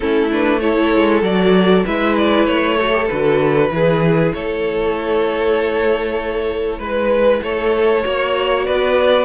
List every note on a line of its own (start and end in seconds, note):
0.00 0.95 A3
0.00 0.30 C#4
0.00 0.62 E4
0.00 0.31 A4
0.31 0.61 D4
0.31 0.60 B4
0.60 1.22 E4
0.60 1.85 A4
0.60 1.22 C#5
0.95 1.22 G#3
1.22 1.84 F#3
1.22 1.84 F#4
1.22 1.85 D5
1.85 2.46 G#3
1.85 2.79 E4
1.85 2.76 B4
1.85 2.16 E5
2.16 2.46 D5
2.46 3.08 A3
2.46 3.07 C#5
2.76 2.92 F#4
2.76 3.69 A4
2.92 3.07 G4
3.07 3.70 D3
3.07 3.71 F#4
3.07 4.31 B4
3.70 4.32 E3
3.70 8.03 E4
3.70 4.35 G#4
4.33 6.79 A3
4.33 6.78 A4
4.33 6.81 C#5
6.78 7.41 G#3
6.78 7.40 B4
6.78 7.43 B4
7.42 8.04 A3
7.42 8.05 A4
7.42 8.66 C#5
8.03 8.67 A#3
8.03 9.25 F#4
8.03 8.65 C#5
8.65 9.25 B3
8.65 9.25 B4
8.65 9.25 D5